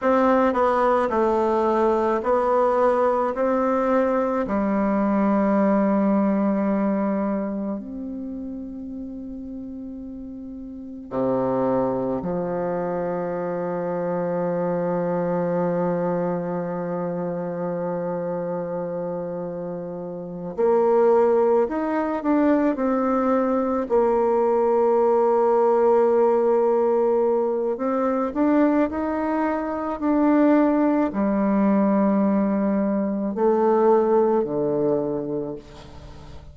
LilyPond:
\new Staff \with { instrumentName = "bassoon" } { \time 4/4 \tempo 4 = 54 c'8 b8 a4 b4 c'4 | g2. c'4~ | c'2 c4 f4~ | f1~ |
f2~ f8 ais4 dis'8 | d'8 c'4 ais2~ ais8~ | ais4 c'8 d'8 dis'4 d'4 | g2 a4 d4 | }